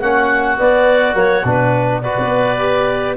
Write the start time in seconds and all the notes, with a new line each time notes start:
0.00 A#3 C#4 F#4 F#5
0.57 B3 D5
1.13 F#3 A#3 C#5
1.44 B2 D4 B4
2.02 F#4 B4 D5
2.19 B3
2.59 G4